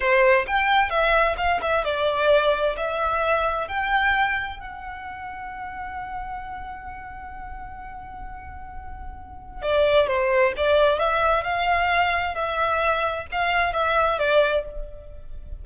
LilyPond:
\new Staff \with { instrumentName = "violin" } { \time 4/4 \tempo 4 = 131 c''4 g''4 e''4 f''8 e''8 | d''2 e''2 | g''2 fis''2~ | fis''1~ |
fis''1~ | fis''4 d''4 c''4 d''4 | e''4 f''2 e''4~ | e''4 f''4 e''4 d''4 | }